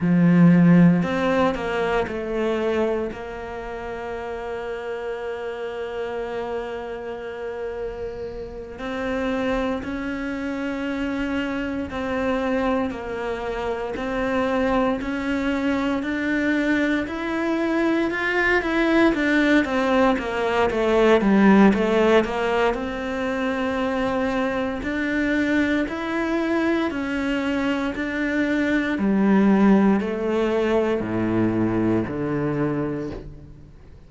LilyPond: \new Staff \with { instrumentName = "cello" } { \time 4/4 \tempo 4 = 58 f4 c'8 ais8 a4 ais4~ | ais1~ | ais8 c'4 cis'2 c'8~ | c'8 ais4 c'4 cis'4 d'8~ |
d'8 e'4 f'8 e'8 d'8 c'8 ais8 | a8 g8 a8 ais8 c'2 | d'4 e'4 cis'4 d'4 | g4 a4 a,4 d4 | }